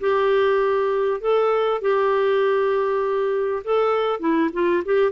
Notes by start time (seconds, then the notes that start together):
0.00 G4
1.21 A4
1.81 G4
3.64 A4
4.20 E4
4.53 F4
4.85 G4